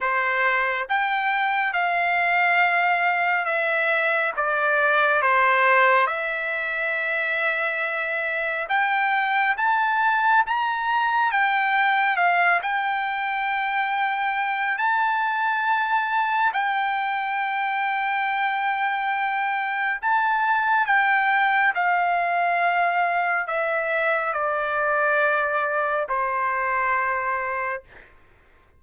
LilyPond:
\new Staff \with { instrumentName = "trumpet" } { \time 4/4 \tempo 4 = 69 c''4 g''4 f''2 | e''4 d''4 c''4 e''4~ | e''2 g''4 a''4 | ais''4 g''4 f''8 g''4.~ |
g''4 a''2 g''4~ | g''2. a''4 | g''4 f''2 e''4 | d''2 c''2 | }